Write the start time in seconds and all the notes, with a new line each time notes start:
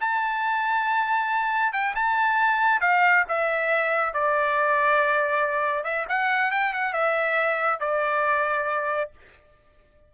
0.00 A5
1.72 G5
1.95 A5
2.80 F5
3.28 E5
4.13 D5
5.84 E5
6.08 F#5
6.51 G5
6.73 F#5
6.93 E5
7.80 D5